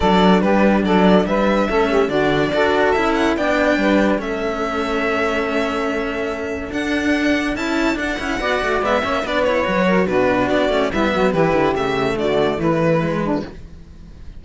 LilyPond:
<<
  \new Staff \with { instrumentName = "violin" } { \time 4/4 \tempo 4 = 143 d''4 b'4 d''4 e''4~ | e''4 d''2 e''8 fis''8 | g''2 e''2~ | e''1 |
fis''2 a''4 fis''4~ | fis''4 e''4 d''8 cis''4. | b'4 d''4 e''4 b'4 | e''4 d''4 b'2 | }
  \new Staff \with { instrumentName = "saxophone" } { \time 4/4 a'4 g'4 a'4 b'4 | a'8 g'8 fis'4 a'2 | d''4 b'4 a'2~ | a'1~ |
a'1 | d''4. cis''8 b'4. ais'8 | fis'2 e'8 fis'8 g'4~ | g'4 fis'4 e'4. d'8 | }
  \new Staff \with { instrumentName = "cello" } { \time 4/4 d'1 | cis'4 d'4 fis'4 e'4 | d'2 cis'2~ | cis'1 |
d'2 e'4 d'8 e'8 | fis'4 b8 cis'8 d'8 e'8 fis'4 | d'4. cis'8 b4 e'4 | a2. gis4 | }
  \new Staff \with { instrumentName = "cello" } { \time 4/4 fis4 g4 fis4 g4 | a4 d4 d'4 cis'4 | b4 g4 a2~ | a1 |
d'2 cis'4 d'8 cis'8 | b8 a8 gis8 ais8 b4 fis4 | b,4 b8 a8 g8 fis8 e8 d8 | cis4 d4 e2 | }
>>